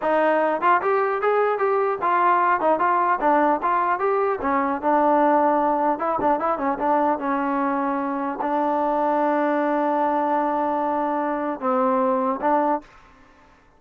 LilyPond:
\new Staff \with { instrumentName = "trombone" } { \time 4/4 \tempo 4 = 150 dis'4. f'8 g'4 gis'4 | g'4 f'4. dis'8 f'4 | d'4 f'4 g'4 cis'4 | d'2. e'8 d'8 |
e'8 cis'8 d'4 cis'2~ | cis'4 d'2.~ | d'1~ | d'4 c'2 d'4 | }